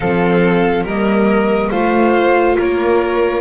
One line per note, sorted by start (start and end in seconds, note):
0.00 0.83 F3
0.00 0.87 C4
0.00 0.83 A4
0.00 0.85 F5
0.83 1.69 G3
0.83 1.72 A#3
0.83 1.69 A#4
0.83 1.70 D#5
1.70 2.56 A3
1.70 3.40 F4
1.70 2.56 C5
1.70 2.56 F5
2.58 3.40 A#3
2.58 3.40 A#4
2.58 3.40 C#5